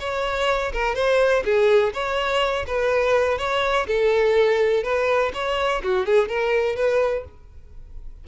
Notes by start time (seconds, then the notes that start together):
0.00 C#5
0.73 A#4
0.95 C5
1.45 G#4
1.94 C#5
2.67 B4
3.38 C#5
3.87 A4
4.84 B4
5.34 C#5
5.83 F#4
6.06 G#4
6.29 A#4
6.76 B4